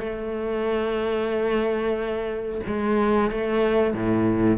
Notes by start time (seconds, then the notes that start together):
0.00 A3
2.67 G#3
3.31 A3
3.95 A2